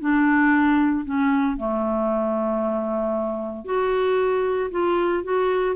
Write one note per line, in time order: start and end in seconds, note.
0.00 1.05 D4
1.05 1.57 C#4
1.57 3.65 A3
3.65 4.70 F#4
4.71 5.23 F4
5.23 5.75 F#4